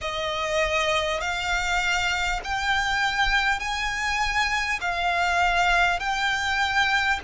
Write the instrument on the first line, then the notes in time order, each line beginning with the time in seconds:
violin
0.01 D#5
1.20 F5
2.43 G5
3.59 G#5
4.80 F5
5.99 G5